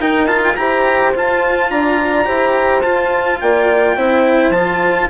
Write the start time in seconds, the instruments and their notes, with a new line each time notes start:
0.00 bassoon D#4, cello D#4, horn A#4, trumpet G5
0.27 cello F4, trumpet A5
0.44 trumpet G5
0.56 bassoon E4, cello G4, horn C5, trumpet A#5
1.15 cello F4, bassoon F4, trumpet A5
1.70 bassoon D4, horn D5, trumpet A#5
2.25 bassoon E4, cello G4, horn C5
2.82 bassoon F4, cello F4, trumpet A5
3.41 bassoon A#3, horn D5, trumpet G5
3.96 bassoon C4, cello E4, horn C5
4.50 bassoon F3, cello F4, trumpet A5